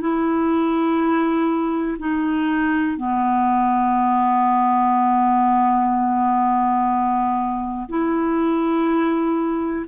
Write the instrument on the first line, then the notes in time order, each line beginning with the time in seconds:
clarinet
0.00 E4
1.99 D#4
2.96 B3
7.88 E4